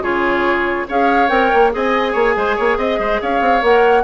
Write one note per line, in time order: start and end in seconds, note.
0.00 0.85 C#3
0.00 0.87 F4
0.00 0.87 G#4
0.00 0.87 C#5
0.88 1.29 C#4
0.88 1.28 G#4
0.88 1.72 C#5
0.88 1.29 F5
1.28 1.50 C4
1.28 1.70 A#4
1.28 1.71 G5
1.54 1.74 A#3
1.71 2.15 C4
1.71 3.61 G#4
1.71 2.12 D#5
1.71 2.78 G#5
2.12 2.36 A#3
2.12 2.33 C#5
2.36 2.57 G#3
2.36 2.56 C5
2.56 2.77 A#3
2.56 2.77 C#5
2.77 2.98 C4
2.77 2.99 D#5
2.77 3.21 D#5
2.99 3.20 G#3
2.99 3.20 C5
3.21 3.40 C#4
3.21 4.03 C#5
3.21 3.64 F5
3.40 3.62 C4
3.62 4.03 A#3
3.62 4.03 A#4
3.62 4.03 F#5